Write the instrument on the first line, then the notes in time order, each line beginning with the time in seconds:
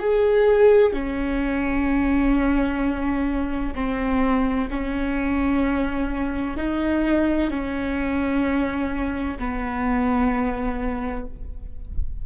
viola
0.00 G#4
0.93 C#4
3.75 C4
4.70 C#4
6.57 D#4
7.50 C#4
9.39 B3